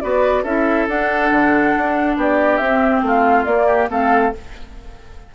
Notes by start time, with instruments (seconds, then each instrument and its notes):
0.00 bassoon B3, clarinet F#4, oboe B4, flute D5
0.43 bassoon C#4, clarinet E4, oboe A4, flute E5
0.88 bassoon D4, clarinet D4, flute F#5
1.31 bassoon D3
1.77 bassoon D4
2.16 bassoon B3, oboe G4, flute D5
2.57 bassoon C4, clarinet C4, flute E5
3.02 bassoon A3, oboe F4, flute F5
3.45 bassoon A#3, clarinet A#3, flute D5
3.67 oboe G4
3.89 bassoon A3, clarinet C4, oboe A4, flute F5